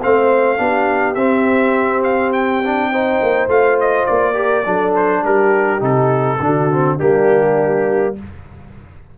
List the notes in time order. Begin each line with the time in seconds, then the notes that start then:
0.00 A3 C4 C5 F5
0.57 B3 D4 G4
1.15 C4 E5
2.03 F5
2.33 G5
2.64 D4
2.91 D#4 C5
3.22 A#3
3.47 A3 F4 F5
3.80 D#5
4.06 A#3 D5
4.34 G4 A#4
4.66 F#3 D4 A4
4.95 C5
5.21 G3 G4 A#4
5.79 C3 D#4 A4
6.40 D3 D4 F#4
6.71 C4
6.97 G3 A#3 D4 G4